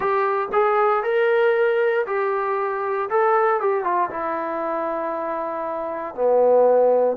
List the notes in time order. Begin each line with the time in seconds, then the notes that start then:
0.00 G4
0.52 G#4
1.03 A#4
2.06 G4
3.09 A4
3.60 G4
3.83 F4
4.10 E4
6.14 B3